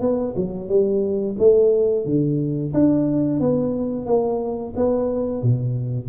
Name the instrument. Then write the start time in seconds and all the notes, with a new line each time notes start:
tuba
0.00 B3
0.36 F#3
0.68 G3
1.39 A3
2.05 D3
2.73 D4
3.40 B3
4.06 A#3
4.76 B3
5.42 B2